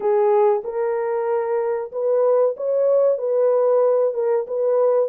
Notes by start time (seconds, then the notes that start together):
0.00 G#4
0.64 A#4
1.91 B4
2.56 C#5
3.18 B4
4.14 A#4
4.47 B4